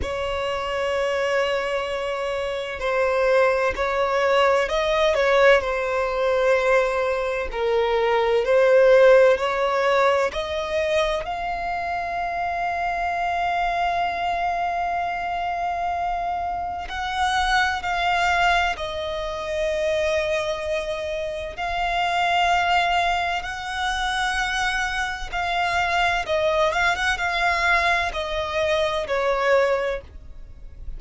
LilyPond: \new Staff \with { instrumentName = "violin" } { \time 4/4 \tempo 4 = 64 cis''2. c''4 | cis''4 dis''8 cis''8 c''2 | ais'4 c''4 cis''4 dis''4 | f''1~ |
f''2 fis''4 f''4 | dis''2. f''4~ | f''4 fis''2 f''4 | dis''8 f''16 fis''16 f''4 dis''4 cis''4 | }